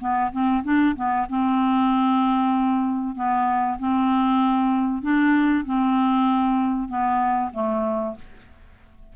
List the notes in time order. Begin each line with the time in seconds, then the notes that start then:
0.00 B3
0.32 C4
0.64 D4
0.95 B3
1.29 C4
3.15 B3
3.79 C4
5.02 D4
5.65 C4
6.89 B3
7.53 A3